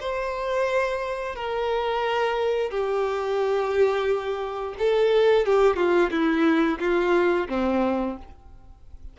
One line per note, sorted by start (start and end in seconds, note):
0.00 1.35 C5
1.35 2.71 A#4
2.71 4.75 G4
4.79 5.46 A4
5.46 5.76 G4
5.76 6.11 F4
6.11 6.79 E4
6.79 7.48 F4
7.49 8.17 C4